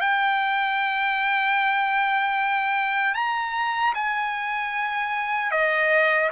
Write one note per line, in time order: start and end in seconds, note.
0.00 3.14 G5
3.14 3.93 A#5
3.94 5.51 G#5
5.51 6.30 D#5